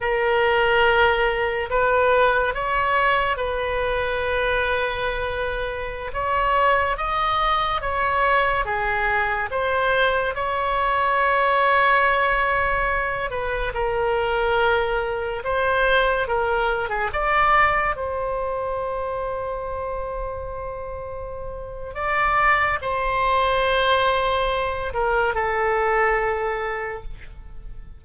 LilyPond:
\new Staff \with { instrumentName = "oboe" } { \time 4/4 \tempo 4 = 71 ais'2 b'4 cis''4 | b'2.~ b'16 cis''8.~ | cis''16 dis''4 cis''4 gis'4 c''8.~ | c''16 cis''2.~ cis''8 b'16~ |
b'16 ais'2 c''4 ais'8. | gis'16 d''4 c''2~ c''8.~ | c''2 d''4 c''4~ | c''4. ais'8 a'2 | }